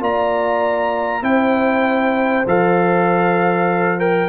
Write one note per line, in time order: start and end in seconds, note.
0.00 1.22 A#3
0.00 1.22 F4
0.00 1.23 D5
0.00 1.24 A#5
1.22 2.45 C4
1.22 2.45 E4
1.22 4.29 C5
1.22 2.47 G5
2.47 4.29 F3
2.47 3.99 A4
2.47 4.00 F5
3.99 4.29 A#4
3.99 4.29 G5